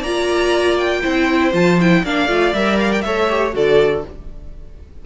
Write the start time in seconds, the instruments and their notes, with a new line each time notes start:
0.00 cello A#3, viola F4, violin D5 A#5
0.78 violin G5
1.02 cello C4, viola E4, violin C5
1.53 cello F3, viola F4, violin A5
1.81 viola E4, violin G5
2.03 cello A#3, viola D4, violin D5 F5
2.28 cello A3, viola F4
2.54 cello G3, viola A#4, violin E5
2.80 violin F5
2.92 violin G5
3.01 cello A3, viola A4, violin C#5 E5
3.29 viola G4
3.52 cello D3, viola F#4, violin A4 D5